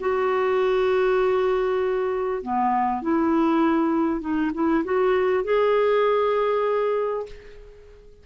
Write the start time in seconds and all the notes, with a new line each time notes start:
0.00 F#4
2.43 B3
3.02 E4
4.21 D#4
4.54 E4
4.85 F#4
5.44 G#4